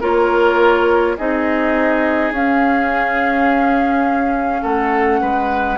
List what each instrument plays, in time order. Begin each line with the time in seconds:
0.00 bassoon A#3, clarinet F4, oboe A#4, flute C#5
1.17 bassoon C4, clarinet D#4, oboe G#4, flute D#5
2.31 bassoon C#4, clarinet C#4, flute F5
4.62 bassoon A3, oboe A4, flute F#5
5.21 bassoon G#3, oboe B4